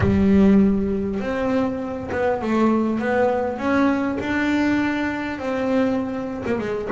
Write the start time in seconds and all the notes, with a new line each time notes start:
0.00 G3
1.19 C4
2.11 B3
2.41 A3
2.99 B3
3.58 C#4
4.20 D4
5.38 C4
6.46 A#3
6.58 G#3